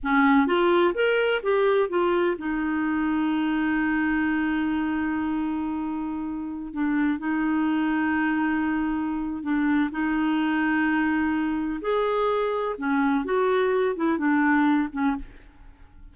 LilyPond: \new Staff \with { instrumentName = "clarinet" } { \time 4/4 \tempo 4 = 127 cis'4 f'4 ais'4 g'4 | f'4 dis'2.~ | dis'1~ | dis'2~ dis'16 d'4 dis'8.~ |
dis'1 | d'4 dis'2.~ | dis'4 gis'2 cis'4 | fis'4. e'8 d'4. cis'8 | }